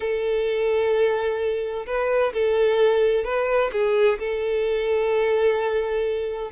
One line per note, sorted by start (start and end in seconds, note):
0.00 1.86 A4
1.86 2.32 B4
2.33 3.24 A4
3.24 3.71 B4
3.72 4.18 G#4
4.19 6.51 A4